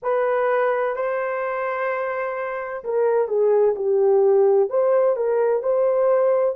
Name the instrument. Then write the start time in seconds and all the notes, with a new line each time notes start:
horn
0.02 B4
0.96 C5
2.84 A#4
3.28 G#4
3.75 G4
4.69 C5
5.16 A#4
5.62 C5